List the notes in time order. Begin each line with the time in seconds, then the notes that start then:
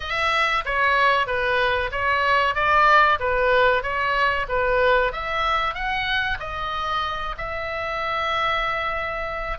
0.00 E5
0.65 C#5
1.26 B4
1.91 C#5
2.54 D5
3.19 B4
3.82 C#5
4.48 B4
5.12 E5
5.74 F#5
6.39 D#5
7.37 E5